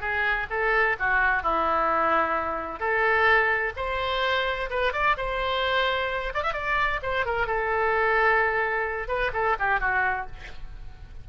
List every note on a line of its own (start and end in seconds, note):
0.00 0.47 G#4
0.50 0.96 A4
0.99 1.42 F#4
1.42 2.79 E4
2.79 3.72 A4
3.76 4.69 C5
4.70 4.93 B4
4.93 5.16 D5
5.17 6.33 C5
6.34 6.42 D5
6.42 6.53 E5
6.53 7.00 D5
7.02 7.25 C5
7.25 7.47 A#4
7.47 9.08 A4
9.08 9.31 B4
9.33 9.56 A4
9.59 9.80 G4
9.80 10.26 F#4